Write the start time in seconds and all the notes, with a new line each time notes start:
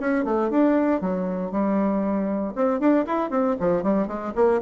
0.00 C#4
0.24 A3
0.50 D4
1.01 F#3
1.51 G3
2.55 C4
2.80 D4
3.06 E4
3.30 C4
3.60 F3
3.83 G3
4.07 G#3
4.35 A#3